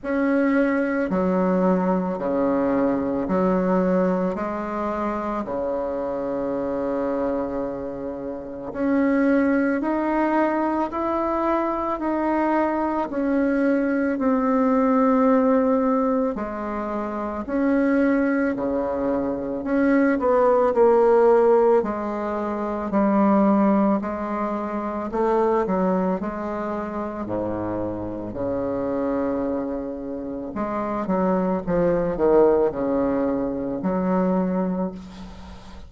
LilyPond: \new Staff \with { instrumentName = "bassoon" } { \time 4/4 \tempo 4 = 55 cis'4 fis4 cis4 fis4 | gis4 cis2. | cis'4 dis'4 e'4 dis'4 | cis'4 c'2 gis4 |
cis'4 cis4 cis'8 b8 ais4 | gis4 g4 gis4 a8 fis8 | gis4 gis,4 cis2 | gis8 fis8 f8 dis8 cis4 fis4 | }